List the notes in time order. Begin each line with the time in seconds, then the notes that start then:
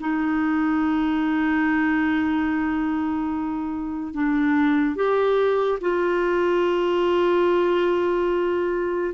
0.00 D#4
4.14 D4
4.95 G4
5.81 F4